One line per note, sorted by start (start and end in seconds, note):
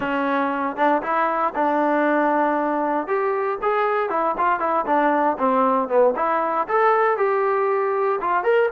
0.00 0.76 C#4
0.76 1.01 D4
1.02 1.53 E4
1.54 3.07 D4
3.07 3.58 G4
3.62 4.09 G#4
4.09 4.35 E4
4.37 4.59 F4
4.59 4.85 E4
4.86 5.37 D4
5.38 5.88 C4
5.88 6.14 B3
6.15 6.67 E4
6.68 7.17 A4
7.17 8.19 G4
8.21 8.43 F4
8.43 8.69 A#4